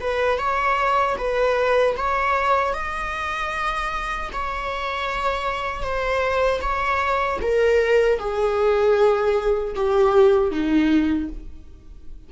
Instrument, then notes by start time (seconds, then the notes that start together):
viola
0.00 B4
0.38 C#5
1.17 B4
1.97 C#5
2.73 D#5
4.32 C#5
5.82 C5
6.61 C#5
7.41 A#4
8.19 G#4
9.75 G4
10.51 D#4